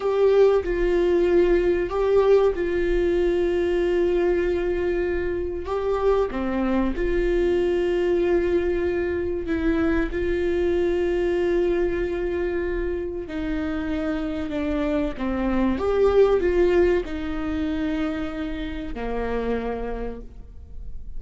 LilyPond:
\new Staff \with { instrumentName = "viola" } { \time 4/4 \tempo 4 = 95 g'4 f'2 g'4 | f'1~ | f'4 g'4 c'4 f'4~ | f'2. e'4 |
f'1~ | f'4 dis'2 d'4 | c'4 g'4 f'4 dis'4~ | dis'2 ais2 | }